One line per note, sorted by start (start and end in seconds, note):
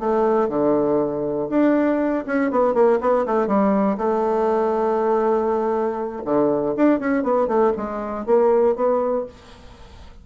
0.00 0.49 A3
0.49 1.49 D3
1.50 2.25 D4
2.27 2.51 C#4
2.51 2.75 B3
2.75 3.00 A#3
3.01 3.26 B3
3.26 3.47 A3
3.47 3.97 G3
3.98 6.23 A3
6.25 6.75 D3
6.77 7.00 D4
7.00 7.23 C#4
7.23 7.48 B3
7.48 7.73 A3
7.77 8.26 G#3
8.26 8.76 A#3
8.76 9.26 B3